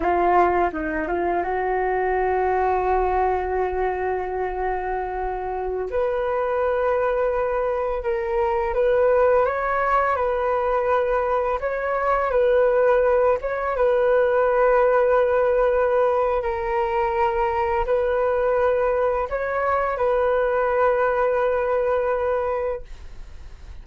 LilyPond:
\new Staff \with { instrumentName = "flute" } { \time 4/4 \tempo 4 = 84 f'4 dis'8 f'8 fis'2~ | fis'1~ | fis'16 b'2. ais'8.~ | ais'16 b'4 cis''4 b'4.~ b'16~ |
b'16 cis''4 b'4. cis''8 b'8.~ | b'2. ais'4~ | ais'4 b'2 cis''4 | b'1 | }